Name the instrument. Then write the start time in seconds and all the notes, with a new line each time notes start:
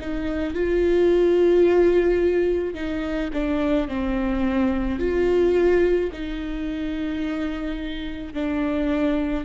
viola
0.00 D#4
0.54 F4
2.74 D#4
3.33 D4
3.88 C4
4.99 F4
6.12 D#4
8.33 D4